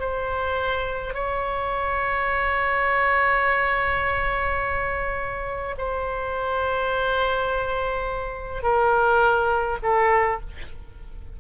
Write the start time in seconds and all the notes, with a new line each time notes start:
0.00 C5
1.14 C#5
5.78 C5
8.63 A#4
9.83 A4